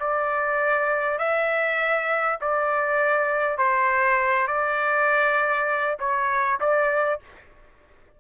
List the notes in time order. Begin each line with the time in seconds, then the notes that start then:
0.00 D5
1.19 E5
2.41 D5
3.58 C5
4.48 D5
6.00 C#5
6.61 D5